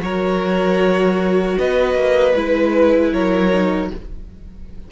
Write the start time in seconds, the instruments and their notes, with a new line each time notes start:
0.00 cello F#3, viola F#4, violin A#4 C#5
1.58 cello B3, violin B4 D#5
1.95 cello A#3
2.35 cello G#3, viola E4, violin B4
3.12 cello F#3, violin A#4 C#5
3.52 viola D#4